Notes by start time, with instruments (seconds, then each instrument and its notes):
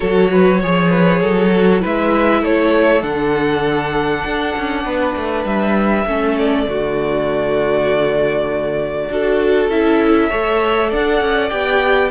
0.00 cello F#3, viola F#4, violin A4 C#5
0.31 violin B4
0.60 cello F3, viola G#4, violin C#5
0.89 violin B4
1.21 cello F#3, violin A4
1.50 viola F#4
1.80 cello G#3, viola E4, violin B4 E5
2.41 cello A3, violin A4 C#5
3.02 cello D3, viola D4, violin F#5
4.25 cello D4
4.56 cello C#4
4.84 cello B3, violin B4
5.15 cello A3
5.45 cello G3, violin E5
6.05 cello A3, viola C#4, violin A4
6.38 violin D5
6.67 cello D3, viola A3, violin F#4
9.09 cello D4, viola F#4, violin A4
9.68 cello C#4, viola E4, violin E5
10.29 cello A3, viola A4, violin C#5
10.89 cello D4, violin D5 F#5
11.20 cello C#4
11.49 cello B3, viola G4, violin G5